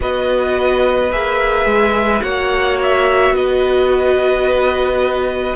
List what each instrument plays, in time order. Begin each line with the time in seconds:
0.00 cello B3, viola F#4, violin B4 D#5
1.11 cello A#3, viola G#4, violin E5
1.65 cello G#3
2.20 cello A#3, viola F#4, violin C#5 F#5
2.82 violin E5
3.31 cello B3, violin B4 D#5